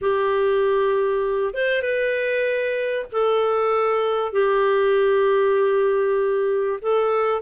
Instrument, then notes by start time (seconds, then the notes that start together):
clarinet
0.01 G4
1.54 C5
1.82 B4
3.12 A4
4.32 G4
6.81 A4